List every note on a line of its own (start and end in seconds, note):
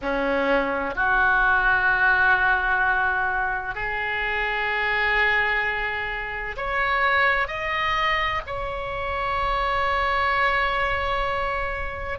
0.01 0.95 C#4
0.95 3.74 F#4
3.74 6.55 G#4
6.56 7.47 C#5
7.47 8.41 D#5
8.46 12.19 C#5